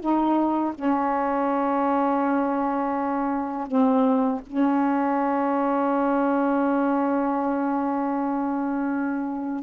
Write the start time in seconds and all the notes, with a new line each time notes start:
0.00 D#4
0.74 C#4
3.67 C4
4.47 C#4